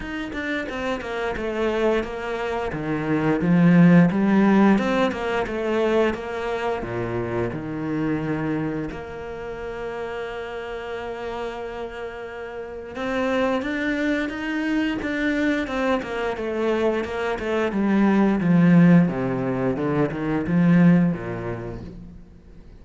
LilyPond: \new Staff \with { instrumentName = "cello" } { \time 4/4 \tempo 4 = 88 dis'8 d'8 c'8 ais8 a4 ais4 | dis4 f4 g4 c'8 ais8 | a4 ais4 ais,4 dis4~ | dis4 ais2.~ |
ais2. c'4 | d'4 dis'4 d'4 c'8 ais8 | a4 ais8 a8 g4 f4 | c4 d8 dis8 f4 ais,4 | }